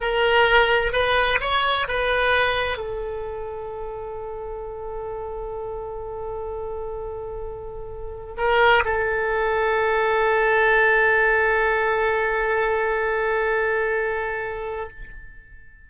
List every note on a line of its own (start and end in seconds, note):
0.00 0.92 A#4
0.92 1.39 B4
1.40 1.87 C#5
1.88 2.77 B4
2.77 8.36 A4
8.37 8.83 A#4
8.85 14.89 A4